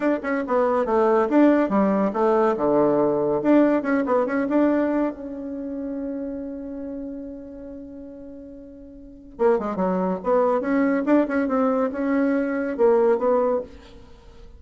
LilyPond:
\new Staff \with { instrumentName = "bassoon" } { \time 4/4 \tempo 4 = 141 d'8 cis'8 b4 a4 d'4 | g4 a4 d2 | d'4 cis'8 b8 cis'8 d'4. | cis'1~ |
cis'1~ | cis'2 ais8 gis8 fis4 | b4 cis'4 d'8 cis'8 c'4 | cis'2 ais4 b4 | }